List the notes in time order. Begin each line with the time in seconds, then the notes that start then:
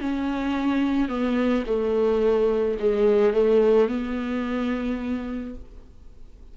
0.00 C#4
1.08 B3
1.66 A3
2.79 G#3
3.33 A3
3.88 B3